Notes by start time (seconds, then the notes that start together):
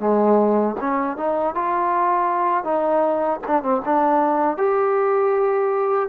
0.00 G#3
0.81 C#4
1.17 D#4
1.55 F4
2.64 D#4
3.48 D4
3.63 C4
3.86 D4
4.58 G4